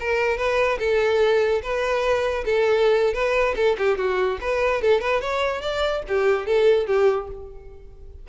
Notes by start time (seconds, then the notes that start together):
0.00 A#4
0.37 B4
0.79 A4
1.63 B4
2.45 A4
3.14 B4
3.56 A4
3.78 G4
3.98 F#4
4.41 B4
4.82 A4
5.01 B4
5.21 C#5
5.61 D5
6.08 G4
6.46 A4
6.87 G4